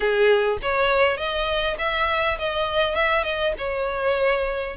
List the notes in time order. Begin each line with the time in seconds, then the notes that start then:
0.00 G#4
0.62 C#5
1.17 D#5
1.78 E5
2.38 D#5
2.95 E5
3.23 D#5
3.58 C#5